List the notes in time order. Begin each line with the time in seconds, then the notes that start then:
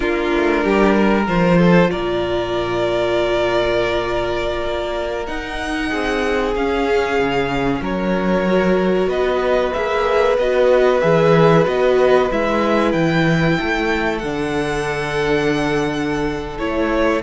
0.00 A#3 D4 F4 A#4
0.35 A3
0.63 G3 G4
0.95 A#4
1.27 F3 F4 C5
1.58 A4
1.90 A#2 A#4 D5
4.65 A#3
5.26 D#4 F#5
5.89 C4 G#4
6.55 C#4 F5
7.19 C#3
7.80 F#3 A#4 C#5
8.46 F#4
9.07 B3 B4 D#5
9.72 A#3 G#4 E5
10.38 B3 F#4 D#5
11.00 E3 G#4 E5
11.64 B3 F#4 D#5
12.31 G#3 E4 E5
12.92 E3 G5
13.58 A3 A4
14.18 D3 D4 F#5
16.58 A3 E4 C#5